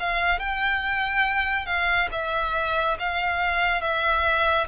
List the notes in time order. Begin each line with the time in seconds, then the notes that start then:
0.00 F5
0.40 G5
1.66 F5
2.12 E5
3.00 F5
3.82 E5